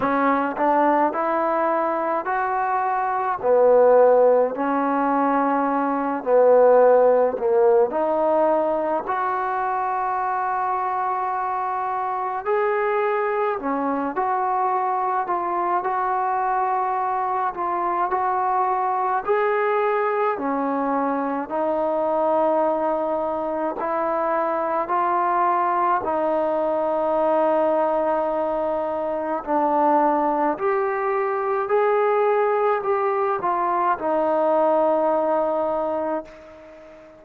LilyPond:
\new Staff \with { instrumentName = "trombone" } { \time 4/4 \tempo 4 = 53 cis'8 d'8 e'4 fis'4 b4 | cis'4. b4 ais8 dis'4 | fis'2. gis'4 | cis'8 fis'4 f'8 fis'4. f'8 |
fis'4 gis'4 cis'4 dis'4~ | dis'4 e'4 f'4 dis'4~ | dis'2 d'4 g'4 | gis'4 g'8 f'8 dis'2 | }